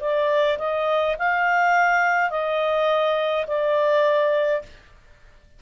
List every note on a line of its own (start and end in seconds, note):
0.00 0.58 D5
0.58 1.16 D#5
1.19 2.30 F5
2.30 3.46 D#5
3.47 4.62 D5